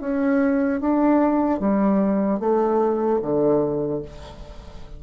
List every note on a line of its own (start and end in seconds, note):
0.00 0.80 C#4
0.80 1.59 D4
1.59 2.39 G3
2.39 3.19 A3
3.22 4.02 D3